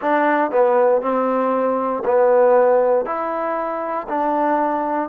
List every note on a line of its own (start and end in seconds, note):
0.01 0.51 D4
0.51 1.01 B3
1.01 2.03 C4
2.05 3.05 B3
3.05 4.07 E4
4.08 5.09 D4